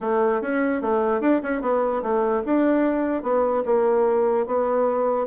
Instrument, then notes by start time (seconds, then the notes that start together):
bassoon
0.01 A3
0.41 C#4
0.81 A3
1.20 D4
1.43 C#4
1.61 B3
2.02 A3
2.45 D4
3.22 B3
3.65 A#3
4.46 B3